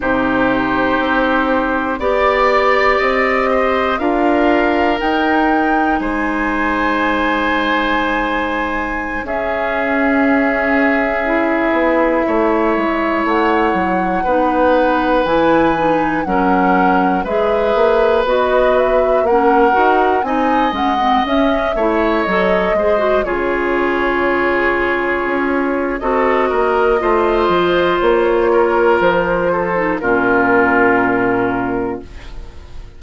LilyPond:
<<
  \new Staff \with { instrumentName = "flute" } { \time 4/4 \tempo 4 = 60 c''2 d''4 dis''4 | f''4 g''4 gis''2~ | gis''4~ gis''16 e''2~ e''8.~ | e''4~ e''16 fis''2 gis''8.~ |
gis''16 fis''4 e''4 dis''8 e''8 fis''8.~ | fis''16 gis''8 fis''8 e''4 dis''4 cis''8.~ | cis''2 dis''2 | cis''4 c''4 ais'2 | }
  \new Staff \with { instrumentName = "oboe" } { \time 4/4 g'2 d''4. c''8 | ais'2 c''2~ | c''4~ c''16 gis'2~ gis'8.~ | gis'16 cis''2 b'4.~ b'16~ |
b'16 ais'4 b'2 ais'8.~ | ais'16 dis''4. cis''4 c''8 gis'8.~ | gis'2 a'8 ais'8 c''4~ | c''8 ais'4 a'8 f'2 | }
  \new Staff \with { instrumentName = "clarinet" } { \time 4/4 dis'2 g'2 | f'4 dis'2.~ | dis'4~ dis'16 cis'2 e'8.~ | e'2~ e'16 dis'4 e'8 dis'16~ |
dis'16 cis'4 gis'4 fis'4 cis'8 fis'16~ | fis'16 dis'8 cis'16 c'16 cis'8 e'8 a'8 gis'16 fis'16 f'8.~ | f'2 fis'4 f'4~ | f'4.~ f'16 dis'16 cis'2 | }
  \new Staff \with { instrumentName = "bassoon" } { \time 4/4 c4 c'4 b4 c'4 | d'4 dis'4 gis2~ | gis4~ gis16 cis'2~ cis'8 b16~ | b16 a8 gis8 a8 fis8 b4 e8.~ |
e16 fis4 gis8 ais8 b4 ais8 dis'16~ | dis'16 c'8 gis8 cis'8 a8 fis8 gis8 cis8.~ | cis4~ cis16 cis'8. c'8 ais8 a8 f8 | ais4 f4 ais,2 | }
>>